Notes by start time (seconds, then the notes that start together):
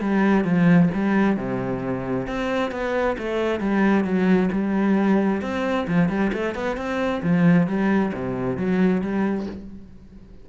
0.00 G3
0.44 F3
0.94 G3
1.36 C3
2.27 C4
2.71 B3
3.17 A3
3.60 G3
4.04 F#3
4.52 G3
5.41 C4
5.87 F3
6.08 G3
6.33 A3
6.54 B3
6.76 C4
7.22 F3
7.67 G3
8.13 C3
8.57 F#3
9.01 G3